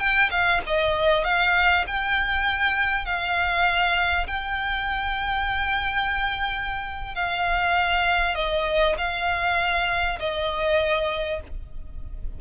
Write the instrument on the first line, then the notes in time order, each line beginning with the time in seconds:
violin
0.00 G5
0.31 F5
0.67 D#5
1.25 F5
1.87 G5
3.06 F5
4.28 G5
7.15 F5
8.36 D#5
8.98 F5
10.20 D#5